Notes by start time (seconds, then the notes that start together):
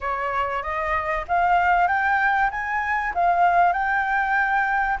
0.00 C#5
0.62 D#5
1.28 F5
1.87 G5
2.50 G#5
3.14 F5
3.72 G5